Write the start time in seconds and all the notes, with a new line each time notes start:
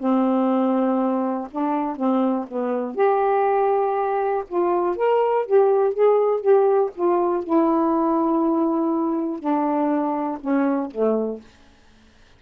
0.00 C4
1.51 D4
1.97 C4
2.48 B3
2.95 G4
4.49 F4
4.97 A#4
5.47 G4
5.94 G#4
6.41 G4
6.95 F4
7.44 E4
9.40 D4
10.41 C#4
10.91 A3